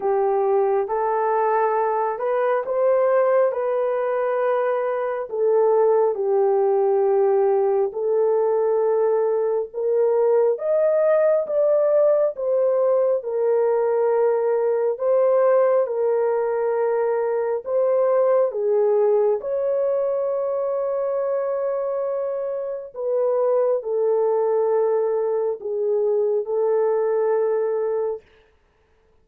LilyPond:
\new Staff \with { instrumentName = "horn" } { \time 4/4 \tempo 4 = 68 g'4 a'4. b'8 c''4 | b'2 a'4 g'4~ | g'4 a'2 ais'4 | dis''4 d''4 c''4 ais'4~ |
ais'4 c''4 ais'2 | c''4 gis'4 cis''2~ | cis''2 b'4 a'4~ | a'4 gis'4 a'2 | }